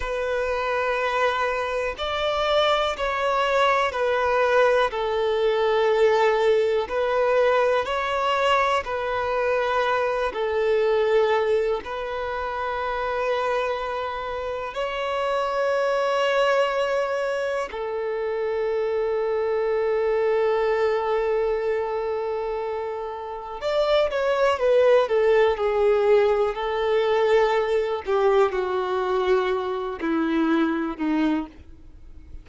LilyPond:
\new Staff \with { instrumentName = "violin" } { \time 4/4 \tempo 4 = 61 b'2 d''4 cis''4 | b'4 a'2 b'4 | cis''4 b'4. a'4. | b'2. cis''4~ |
cis''2 a'2~ | a'1 | d''8 cis''8 b'8 a'8 gis'4 a'4~ | a'8 g'8 fis'4. e'4 dis'8 | }